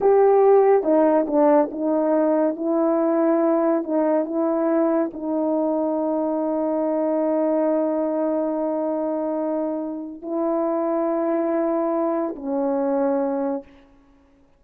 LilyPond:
\new Staff \with { instrumentName = "horn" } { \time 4/4 \tempo 4 = 141 g'2 dis'4 d'4 | dis'2 e'2~ | e'4 dis'4 e'2 | dis'1~ |
dis'1~ | dis'1 | e'1~ | e'4 cis'2. | }